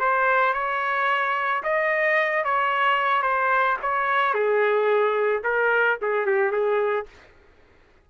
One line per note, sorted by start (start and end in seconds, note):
0.00 0.54 C5
0.54 1.63 C#5
1.64 2.45 D#5
2.45 3.23 C#5
3.23 3.78 C5
3.83 4.34 C#5
4.34 5.43 G#4
5.44 5.99 A#4
6.02 6.27 G#4
6.27 6.52 G4
6.52 7.07 G#4